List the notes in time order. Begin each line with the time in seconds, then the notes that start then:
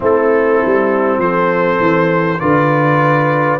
0.00 A3 C4 E4 A4
0.65 G3
1.18 F3 A4 C5
1.79 E3
2.39 D3 F4 B4 D5